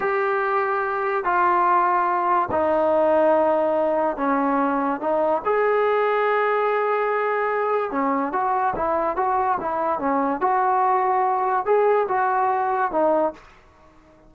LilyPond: \new Staff \with { instrumentName = "trombone" } { \time 4/4 \tempo 4 = 144 g'2. f'4~ | f'2 dis'2~ | dis'2 cis'2 | dis'4 gis'2.~ |
gis'2. cis'4 | fis'4 e'4 fis'4 e'4 | cis'4 fis'2. | gis'4 fis'2 dis'4 | }